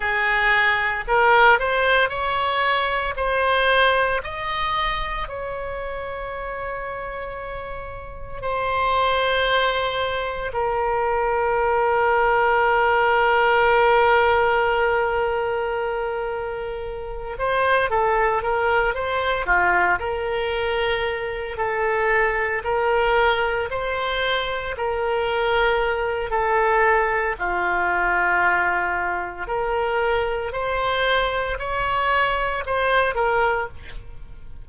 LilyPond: \new Staff \with { instrumentName = "oboe" } { \time 4/4 \tempo 4 = 57 gis'4 ais'8 c''8 cis''4 c''4 | dis''4 cis''2. | c''2 ais'2~ | ais'1~ |
ais'8 c''8 a'8 ais'8 c''8 f'8 ais'4~ | ais'8 a'4 ais'4 c''4 ais'8~ | ais'4 a'4 f'2 | ais'4 c''4 cis''4 c''8 ais'8 | }